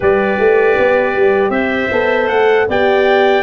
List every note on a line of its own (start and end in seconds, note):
0.00 0.38 G3
0.00 1.92 G4
0.00 1.51 B4
0.00 1.50 D5
0.38 0.77 A3
0.78 1.15 B3
1.15 1.49 G3
1.49 1.88 C4
1.49 2.66 C5
1.49 2.27 E5
1.91 2.29 B3
1.91 2.68 A4
2.28 2.67 A3
2.28 2.66 F#5
2.68 3.43 B3
2.68 3.43 G4
2.68 3.43 D5
2.68 3.43 G5